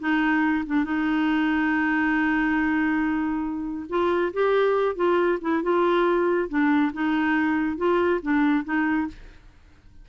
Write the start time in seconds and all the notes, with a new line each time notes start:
0.00 D#4
0.66 D4
0.85 D#4
3.90 F4
4.34 G4
4.96 F4
5.42 E4
5.63 F4
6.49 D4
6.93 D#4
7.78 F4
8.22 D4
8.65 D#4